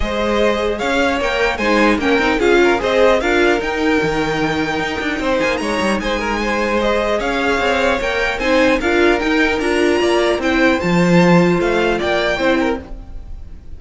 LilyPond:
<<
  \new Staff \with { instrumentName = "violin" } { \time 4/4 \tempo 4 = 150 dis''2 f''4 g''4 | gis''4 g''4 f''4 dis''4 | f''4 g''2.~ | g''4. gis''8 ais''4 gis''4~ |
gis''4 dis''4 f''2 | g''4 gis''4 f''4 g''4 | ais''2 g''4 a''4~ | a''4 f''4 g''2 | }
  \new Staff \with { instrumentName = "violin" } { \time 4/4 c''2 cis''2 | c''4 ais'4 gis'8 ais'8 c''4 | ais'1~ | ais'4 c''4 cis''4 c''8 ais'8 |
c''2 cis''2~ | cis''4 c''4 ais'2~ | ais'4 d''4 c''2~ | c''2 d''4 c''8 ais'8 | }
  \new Staff \with { instrumentName = "viola" } { \time 4/4 gis'2. ais'4 | dis'4 cis'8 dis'8 f'4 gis'4 | f'4 dis'2.~ | dis'1~ |
dis'4 gis'2. | ais'4 dis'4 f'4 dis'4 | f'2 e'4 f'4~ | f'2. e'4 | }
  \new Staff \with { instrumentName = "cello" } { \time 4/4 gis2 cis'4 ais4 | gis4 ais8 c'8 cis'4 c'4 | d'4 dis'4 dis2 | dis'8 d'8 c'8 ais8 gis8 g8 gis4~ |
gis2 cis'4 c'4 | ais4 c'4 d'4 dis'4 | d'4 ais4 c'4 f4~ | f4 a4 ais4 c'4 | }
>>